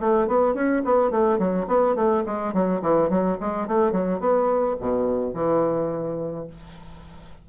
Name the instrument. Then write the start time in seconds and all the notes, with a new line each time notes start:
bassoon
0.00 A3
0.28 B3
0.55 C#4
0.85 B3
1.11 A3
1.39 F#3
1.68 B3
1.96 A3
2.26 G#3
2.53 F#3
2.82 E3
3.10 F#3
3.40 G#3
3.68 A3
3.92 F#3
4.20 B3
4.80 B2
5.34 E3